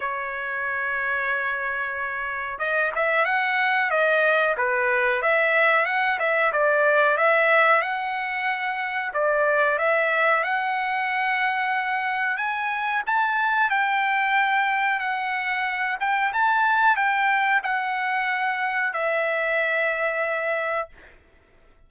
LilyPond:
\new Staff \with { instrumentName = "trumpet" } { \time 4/4 \tempo 4 = 92 cis''1 | dis''8 e''8 fis''4 dis''4 b'4 | e''4 fis''8 e''8 d''4 e''4 | fis''2 d''4 e''4 |
fis''2. gis''4 | a''4 g''2 fis''4~ | fis''8 g''8 a''4 g''4 fis''4~ | fis''4 e''2. | }